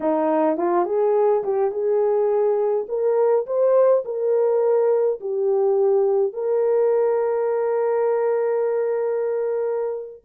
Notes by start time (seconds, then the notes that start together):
0.00 D#4
0.57 F4
0.85 G#4
1.43 G4
1.71 G#4
2.88 A#4
3.46 C5
4.04 A#4
5.20 G4
6.33 A#4